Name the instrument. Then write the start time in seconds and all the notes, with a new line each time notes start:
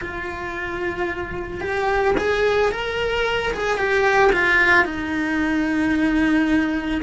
cello
0.01 F4
1.60 G4
2.17 G#4
2.71 A#4
3.53 G#4
3.77 G4
4.32 F4
4.85 D#4